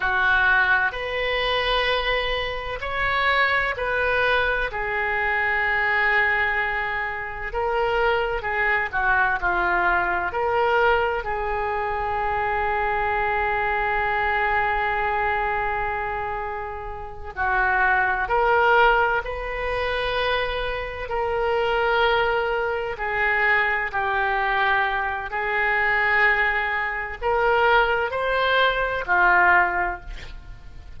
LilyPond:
\new Staff \with { instrumentName = "oboe" } { \time 4/4 \tempo 4 = 64 fis'4 b'2 cis''4 | b'4 gis'2. | ais'4 gis'8 fis'8 f'4 ais'4 | gis'1~ |
gis'2~ gis'8 fis'4 ais'8~ | ais'8 b'2 ais'4.~ | ais'8 gis'4 g'4. gis'4~ | gis'4 ais'4 c''4 f'4 | }